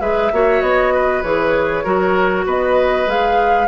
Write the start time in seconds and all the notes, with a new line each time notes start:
0.00 G#3 G#4 B4 E5
0.32 A#3 F#4 C#5
0.61 B3 D#5
0.93 B4
1.22 E3 G#4 C#5
1.84 F#3 F#4 A#4
2.45 B3 B4 D#5
3.06 G#3 G#4 F5